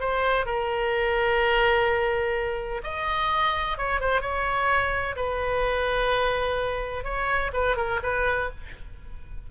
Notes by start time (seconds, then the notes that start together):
0.00 C5
0.45 A#4
2.83 D#5
3.77 C#5
4.00 C5
4.21 C#5
5.16 B4
7.04 C#5
7.53 B4
7.76 A#4
8.03 B4